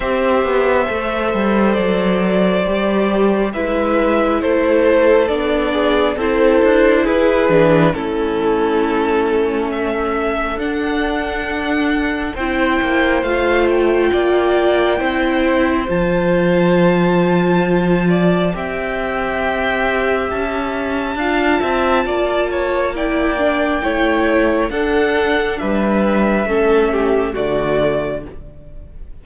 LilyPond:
<<
  \new Staff \with { instrumentName = "violin" } { \time 4/4 \tempo 4 = 68 e''2 d''2 | e''4 c''4 d''4 c''4 | b'4 a'2 e''4 | fis''2 g''4 f''8 g''8~ |
g''2 a''2~ | a''4 g''2 a''4~ | a''2 g''2 | fis''4 e''2 d''4 | }
  \new Staff \with { instrumentName = "violin" } { \time 4/4 c''1 | b'4 a'4. gis'8 a'4 | gis'4 e'2 a'4~ | a'2 c''2 |
d''4 c''2.~ | c''8 d''8 e''2. | f''8 e''8 d''8 cis''8 d''4 cis''4 | a'4 b'4 a'8 g'8 fis'4 | }
  \new Staff \with { instrumentName = "viola" } { \time 4/4 g'4 a'2 g'4 | e'2 d'4 e'4~ | e'8 d'8 cis'2. | d'2 e'4 f'4~ |
f'4 e'4 f'2~ | f'4 g'2. | f'2 e'8 d'8 e'4 | d'2 cis'4 a4 | }
  \new Staff \with { instrumentName = "cello" } { \time 4/4 c'8 b8 a8 g8 fis4 g4 | gis4 a4 b4 c'8 d'8 | e'8 e8 a2. | d'2 c'8 ais8 a4 |
ais4 c'4 f2~ | f4 c'2 cis'4 | d'8 c'8 ais2 a4 | d'4 g4 a4 d4 | }
>>